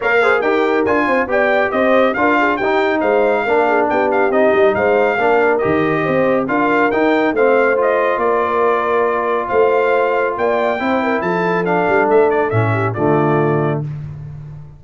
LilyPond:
<<
  \new Staff \with { instrumentName = "trumpet" } { \time 4/4 \tempo 4 = 139 f''4 g''4 gis''4 g''4 | dis''4 f''4 g''4 f''4~ | f''4 g''8 f''8 dis''4 f''4~ | f''4 dis''2 f''4 |
g''4 f''4 dis''4 d''4~ | d''2 f''2 | g''2 a''4 f''4 | e''8 d''8 e''4 d''2 | }
  \new Staff \with { instrumentName = "horn" } { \time 4/4 cis''8 c''8 ais'4. c''8 d''4 | c''4 ais'8 gis'8 g'4 c''4 | ais'8 gis'8 g'2 c''4 | ais'2 c''4 ais'4~ |
ais'4 c''2 ais'4~ | ais'2 c''2 | d''4 c''8 ais'8 a'2~ | a'4. g'8 f'2 | }
  \new Staff \with { instrumentName = "trombone" } { \time 4/4 ais'8 gis'8 g'4 f'4 g'4~ | g'4 f'4 dis'2 | d'2 dis'2 | d'4 g'2 f'4 |
dis'4 c'4 f'2~ | f'1~ | f'4 e'2 d'4~ | d'4 cis'4 a2 | }
  \new Staff \with { instrumentName = "tuba" } { \time 4/4 ais4 dis'4 d'8 c'8 b4 | c'4 d'4 dis'4 gis4 | ais4 b4 c'8 g8 gis4 | ais4 dis4 c'4 d'4 |
dis'4 a2 ais4~ | ais2 a2 | ais4 c'4 f4. g8 | a4 a,4 d2 | }
>>